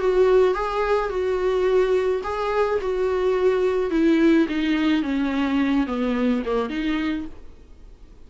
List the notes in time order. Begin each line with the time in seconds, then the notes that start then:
0.00 F#4
0.54 G#4
1.10 F#4
2.23 G#4
2.81 F#4
3.91 E4
4.49 D#4
5.03 C#4
5.87 B3
6.46 A#3
6.70 D#4